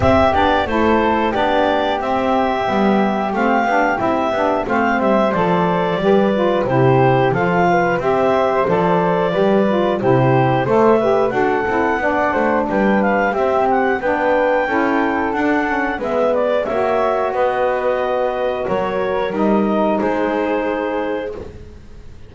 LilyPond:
<<
  \new Staff \with { instrumentName = "clarinet" } { \time 4/4 \tempo 4 = 90 e''8 d''8 c''4 d''4 e''4~ | e''4 f''4 e''4 f''8 e''8 | d''2 c''4 f''4 | e''4 d''2 c''4 |
e''4 fis''2 g''8 f''8 | e''8 fis''8 g''2 fis''4 | e''8 d''8 e''4 dis''2 | cis''4 dis''4 c''2 | }
  \new Staff \with { instrumentName = "flute" } { \time 4/4 g'4 a'4 g'2~ | g'2. c''4~ | c''4 b'4 g'4 a'8 b'8 | c''2 b'4 g'4 |
c''8 b'8 a'4 d''8 c''8 b'4 | g'4 b'4 a'2 | b'4 cis''4 b'2 | ais'2 gis'2 | }
  \new Staff \with { instrumentName = "saxophone" } { \time 4/4 c'8 d'8 e'4 d'4 c'4 | b4 c'8 d'8 e'8 d'8 c'4 | a'4 g'8 f'8 e'4 f'4 | g'4 a'4 g'8 f'8 e'4 |
a'8 g'8 fis'8 e'8 d'2 | c'4 d'4 e'4 d'8 cis'8 | b4 fis'2.~ | fis'4 dis'2. | }
  \new Staff \with { instrumentName = "double bass" } { \time 4/4 c'8 b8 a4 b4 c'4 | g4 a8 b8 c'8 b8 a8 g8 | f4 g4 c4 f4 | c'4 f4 g4 c4 |
a4 d'8 c'8 b8 a8 g4 | c'4 b4 cis'4 d'4 | gis4 ais4 b2 | fis4 g4 gis2 | }
>>